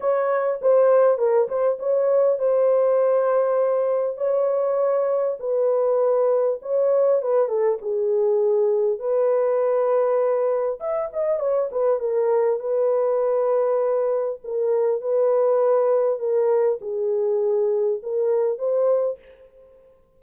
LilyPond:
\new Staff \with { instrumentName = "horn" } { \time 4/4 \tempo 4 = 100 cis''4 c''4 ais'8 c''8 cis''4 | c''2. cis''4~ | cis''4 b'2 cis''4 | b'8 a'8 gis'2 b'4~ |
b'2 e''8 dis''8 cis''8 b'8 | ais'4 b'2. | ais'4 b'2 ais'4 | gis'2 ais'4 c''4 | }